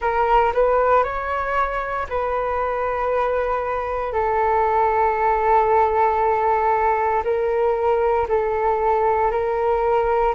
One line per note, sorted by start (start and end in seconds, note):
0.00 0.52 A#4
0.53 1.03 B4
1.03 2.06 C#5
2.09 4.12 B4
4.12 7.23 A4
7.24 8.27 A#4
8.28 9.31 A4
9.31 10.34 A#4